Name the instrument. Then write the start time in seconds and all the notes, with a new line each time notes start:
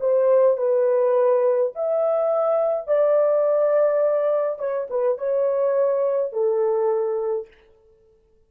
horn
0.00 C5
0.57 B4
1.75 E5
2.87 D5
4.58 C#5
4.90 B4
5.18 C#5
6.32 A4